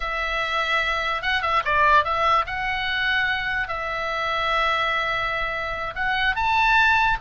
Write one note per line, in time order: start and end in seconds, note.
0.00 1.21 E5
1.21 1.42 F#5
1.42 1.62 E5
1.65 2.04 D5
2.04 2.45 E5
2.46 3.68 F#5
3.68 5.94 E5
5.95 6.35 F#5
6.35 7.17 A5